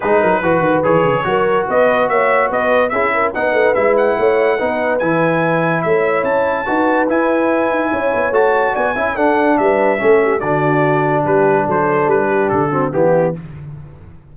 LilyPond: <<
  \new Staff \with { instrumentName = "trumpet" } { \time 4/4 \tempo 4 = 144 b'2 cis''2 | dis''4 e''4 dis''4 e''4 | fis''4 e''8 fis''2~ fis''8 | gis''2 e''4 a''4~ |
a''4 gis''2. | a''4 gis''4 fis''4 e''4~ | e''4 d''2 b'4 | c''4 b'4 a'4 g'4 | }
  \new Staff \with { instrumentName = "horn" } { \time 4/4 gis'8 ais'8 b'2 ais'4 | b'4 cis''4 b'4 gis'8 ais'8 | b'2 cis''4 b'4~ | b'2 cis''2 |
b'2. cis''4~ | cis''4 d''8 e''8 a'4 b'4 | a'8 g'8 fis'2 g'4 | a'4. g'4 fis'8 e'4 | }
  \new Staff \with { instrumentName = "trombone" } { \time 4/4 dis'4 fis'4 gis'4 fis'4~ | fis'2. e'4 | dis'4 e'2 dis'4 | e'1 |
fis'4 e'2. | fis'4. e'8 d'2 | cis'4 d'2.~ | d'2~ d'8 c'8 b4 | }
  \new Staff \with { instrumentName = "tuba" } { \time 4/4 gis8 fis8 e8 dis8 e8 cis8 fis4 | b4 ais4 b4 cis'4 | b8 a8 gis4 a4 b4 | e2 a4 cis'4 |
dis'4 e'4. dis'8 cis'8 b8 | a4 b8 cis'8 d'4 g4 | a4 d2 g4 | fis4 g4 d4 e4 | }
>>